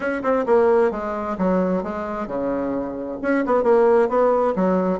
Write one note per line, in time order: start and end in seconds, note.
0.00 0.22 C#4
0.22 0.45 C4
0.46 0.91 A#3
0.91 1.36 G#3
1.38 1.83 F#3
1.83 2.27 G#3
2.27 3.18 C#3
3.22 3.44 C#4
3.45 3.63 B3
3.63 4.08 A#3
4.08 4.54 B3
4.55 4.99 F#3